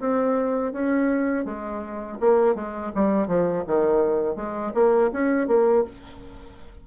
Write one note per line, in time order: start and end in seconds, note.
0.00 0.73 C4
0.73 1.45 C#4
1.45 2.19 G#3
2.20 2.55 A#3
2.55 2.92 G#3
2.95 3.28 G3
3.28 3.64 F3
3.67 4.36 D#3
4.36 4.73 G#3
4.74 5.11 A#3
5.13 5.48 C#4
5.48 5.84 A#3